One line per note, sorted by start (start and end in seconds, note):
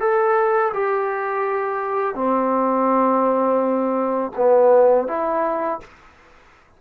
0.00 0.72 A4
0.74 2.15 G4
2.15 4.32 C4
4.37 5.07 B3
5.07 5.80 E4